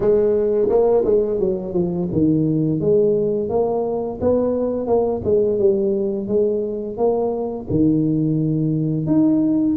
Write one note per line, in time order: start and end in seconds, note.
0.00 0.68 G#3
0.69 1.04 A#3
1.04 1.39 G#3
1.39 1.73 F#3
1.73 2.08 F3
2.12 2.80 D#3
2.80 3.49 G#3
3.49 4.19 A#3
4.21 4.86 B3
4.86 5.21 A#3
5.24 5.58 G#3
5.58 6.27 G3
6.27 6.97 G#3
6.97 7.66 A#3
7.70 9.06 D#3
9.06 9.76 D#4